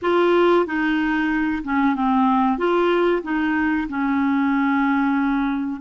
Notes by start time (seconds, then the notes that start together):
0.02 F4
0.66 D#4
1.64 C#4
1.95 C4
2.58 F4
3.23 D#4
3.88 C#4